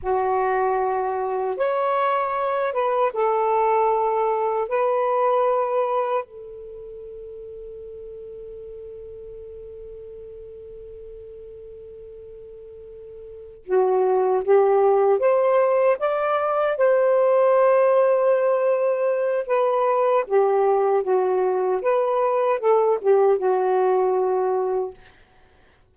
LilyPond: \new Staff \with { instrumentName = "saxophone" } { \time 4/4 \tempo 4 = 77 fis'2 cis''4. b'8 | a'2 b'2 | a'1~ | a'1~ |
a'4. fis'4 g'4 c''8~ | c''8 d''4 c''2~ c''8~ | c''4 b'4 g'4 fis'4 | b'4 a'8 g'8 fis'2 | }